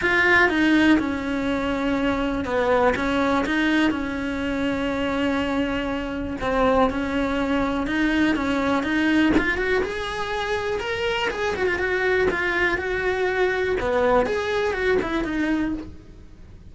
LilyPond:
\new Staff \with { instrumentName = "cello" } { \time 4/4 \tempo 4 = 122 f'4 dis'4 cis'2~ | cis'4 b4 cis'4 dis'4 | cis'1~ | cis'4 c'4 cis'2 |
dis'4 cis'4 dis'4 f'8 fis'8 | gis'2 ais'4 gis'8 fis'16 f'16 | fis'4 f'4 fis'2 | b4 gis'4 fis'8 e'8 dis'4 | }